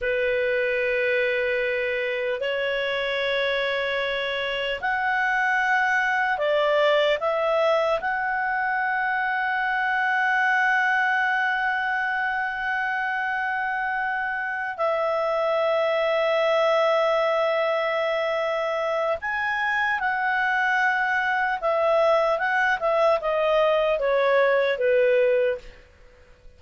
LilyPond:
\new Staff \with { instrumentName = "clarinet" } { \time 4/4 \tempo 4 = 75 b'2. cis''4~ | cis''2 fis''2 | d''4 e''4 fis''2~ | fis''1~ |
fis''2~ fis''8 e''4.~ | e''1 | gis''4 fis''2 e''4 | fis''8 e''8 dis''4 cis''4 b'4 | }